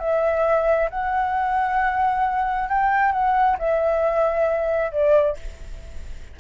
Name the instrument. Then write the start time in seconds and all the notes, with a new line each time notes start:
flute
0.00 E5
0.91 F#5
2.69 G5
3.12 F#5
3.59 E5
4.92 D5